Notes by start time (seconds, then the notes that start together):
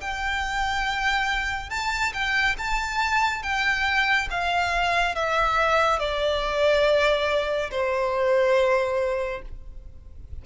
0.00 G5
1.69 A5
2.13 G5
2.58 A5
3.42 G5
4.30 F5
5.15 E5
5.99 D5
7.70 C5